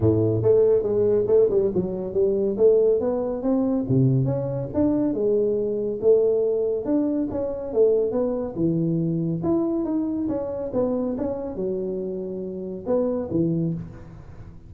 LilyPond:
\new Staff \with { instrumentName = "tuba" } { \time 4/4 \tempo 4 = 140 a,4 a4 gis4 a8 g8 | fis4 g4 a4 b4 | c'4 c4 cis'4 d'4 | gis2 a2 |
d'4 cis'4 a4 b4 | e2 e'4 dis'4 | cis'4 b4 cis'4 fis4~ | fis2 b4 e4 | }